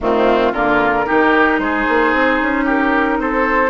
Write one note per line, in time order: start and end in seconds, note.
0.00 0.53 D#3
0.00 0.53 A3
0.00 0.52 C4
0.00 0.53 F4
0.52 1.06 D3
0.52 1.05 A#3
0.52 1.05 F4
0.52 1.59 A#4
1.05 1.58 D#3
1.05 3.69 D#4
1.05 1.59 G4
1.58 1.85 G#3
1.58 2.64 G#4
1.58 2.65 C5
1.88 2.13 A#3
2.13 2.40 C4
2.41 3.19 C#4
2.64 3.17 G4
2.64 3.20 A#4
3.19 3.69 C4
3.19 3.69 A4
3.19 3.69 C5